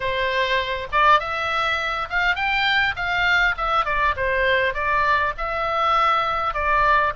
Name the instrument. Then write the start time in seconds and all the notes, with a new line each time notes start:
oboe
0.00 C5
0.92 D5
1.19 E5
2.09 F5
2.35 G5
2.95 F5
3.57 E5
3.85 D5
4.16 C5
4.74 D5
5.37 E5
6.53 D5